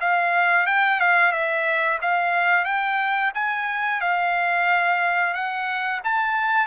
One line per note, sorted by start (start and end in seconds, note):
0.00 0.66 F5
0.66 1.00 G5
1.00 1.32 F5
1.32 1.99 E5
2.02 2.65 F5
2.65 3.32 G5
3.34 4.01 G#5
4.01 5.34 F5
5.34 6.00 F#5
6.04 6.66 A5